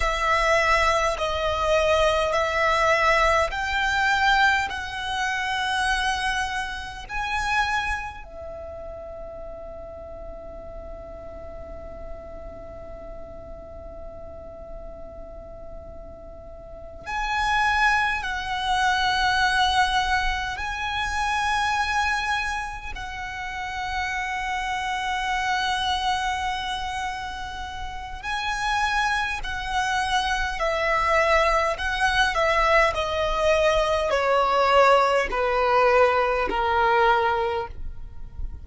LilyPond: \new Staff \with { instrumentName = "violin" } { \time 4/4 \tempo 4 = 51 e''4 dis''4 e''4 g''4 | fis''2 gis''4 e''4~ | e''1~ | e''2~ e''8 gis''4 fis''8~ |
fis''4. gis''2 fis''8~ | fis''1 | gis''4 fis''4 e''4 fis''8 e''8 | dis''4 cis''4 b'4 ais'4 | }